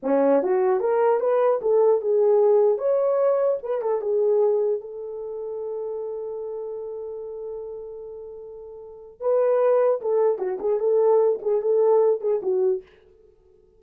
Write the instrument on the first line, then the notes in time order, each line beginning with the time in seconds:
horn
0.03 C#4
0.42 F#4
0.80 A#4
1.20 B4
1.61 A4
2.01 G#4
2.77 C#5
3.63 B4
3.81 A4
4.01 G#4
4.80 A4
9.20 B4
10.01 A4
10.38 F#4
10.59 G#4
10.79 A4
11.42 G#4
11.61 A4
12.20 G#4
12.42 F#4